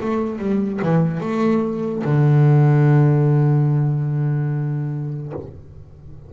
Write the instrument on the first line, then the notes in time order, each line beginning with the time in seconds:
double bass
0.00 A3
0.38 G3
0.82 E3
1.20 A3
2.04 D3